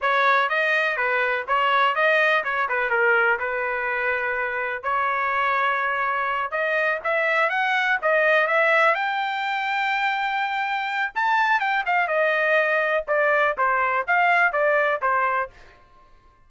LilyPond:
\new Staff \with { instrumentName = "trumpet" } { \time 4/4 \tempo 4 = 124 cis''4 dis''4 b'4 cis''4 | dis''4 cis''8 b'8 ais'4 b'4~ | b'2 cis''2~ | cis''4. dis''4 e''4 fis''8~ |
fis''8 dis''4 e''4 g''4.~ | g''2. a''4 | g''8 f''8 dis''2 d''4 | c''4 f''4 d''4 c''4 | }